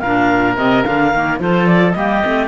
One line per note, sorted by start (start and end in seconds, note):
0.00 0.57 A#2
0.00 0.58 D4
0.00 1.39 A#4
0.00 0.55 F5
0.57 0.84 C3
0.57 0.84 C4
0.57 0.84 D#5
0.84 1.14 D3
0.84 1.12 D4
0.84 1.39 F5
1.14 1.40 D#3
1.14 1.40 A#3
1.39 1.95 F3
1.39 1.95 F4
1.39 1.97 A4
1.39 1.67 C5
1.67 1.91 D5
1.91 2.23 G3
1.91 2.22 A#3
1.91 2.48 G4
1.91 2.46 D#5
2.22 2.48 A3
2.22 2.48 C4